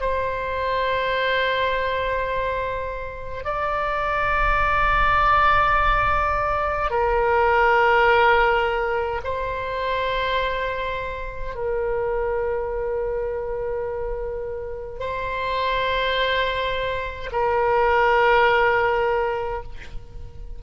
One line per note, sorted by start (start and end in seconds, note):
0.00 3.44 C5
3.44 6.90 D5
6.90 9.21 A#4
9.24 11.54 C5
11.55 14.99 A#4
14.99 17.30 C5
17.32 19.63 A#4